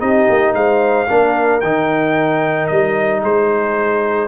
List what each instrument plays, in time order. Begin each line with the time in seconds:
0.00 tuba C4, trombone D#4, horn G4, trumpet D#5
0.30 tuba A#3
0.54 tuba G#3, horn C5, trumpet F5
1.08 tuba A#3, trombone D4, horn A#4
1.61 tuba D#3, trombone D#4, trumpet G5
2.67 tuba G3, trumpet D#5
3.23 tuba G#3, horn G#4, trumpet C5